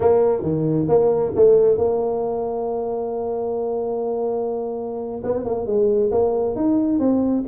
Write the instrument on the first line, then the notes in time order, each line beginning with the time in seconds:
tuba
0.00 A#3
0.42 D#3
0.88 A#3
1.35 A3
1.77 A#3
5.23 B3
5.44 A#3
5.66 G#3
6.11 A#3
6.55 D#4
6.99 C4